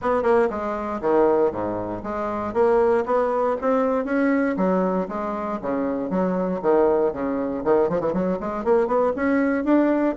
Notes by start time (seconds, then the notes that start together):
0.01 B3
0.23 A#3
0.49 G#3
1.01 D#3
1.51 G#2
2.03 G#3
2.53 A#3
3.05 B3
3.61 C4
4.04 C#4
4.56 F#3
5.08 G#3
5.61 C#3
6.09 F#3
6.61 D#3
7.12 C#3
7.64 D#3
7.89 F3
8.00 E3
8.13 F#3
8.40 G#3
8.64 A#3
8.87 B3
9.15 C#4
9.64 D4